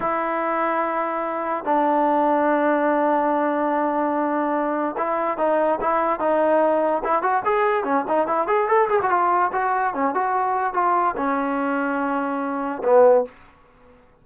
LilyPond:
\new Staff \with { instrumentName = "trombone" } { \time 4/4 \tempo 4 = 145 e'1 | d'1~ | d'1 | e'4 dis'4 e'4 dis'4~ |
dis'4 e'8 fis'8 gis'4 cis'8 dis'8 | e'8 gis'8 a'8 gis'16 fis'16 f'4 fis'4 | cis'8 fis'4. f'4 cis'4~ | cis'2. b4 | }